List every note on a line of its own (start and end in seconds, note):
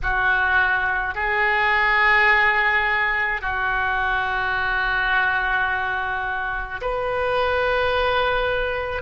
0.02 1.14 F#4
1.14 3.41 G#4
3.41 6.80 F#4
6.81 9.02 B4